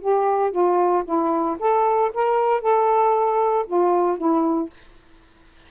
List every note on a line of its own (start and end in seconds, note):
0.00 0.51 G4
0.51 1.03 F4
1.04 1.57 E4
1.59 2.11 A4
2.14 2.61 A#4
2.61 3.65 A4
3.66 4.17 F4
4.17 4.69 E4